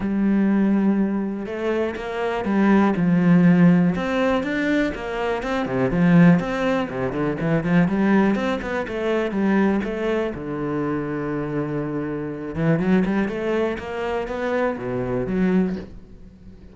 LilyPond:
\new Staff \with { instrumentName = "cello" } { \time 4/4 \tempo 4 = 122 g2. a4 | ais4 g4 f2 | c'4 d'4 ais4 c'8 c8 | f4 c'4 c8 d8 e8 f8 |
g4 c'8 b8 a4 g4 | a4 d2.~ | d4. e8 fis8 g8 a4 | ais4 b4 b,4 fis4 | }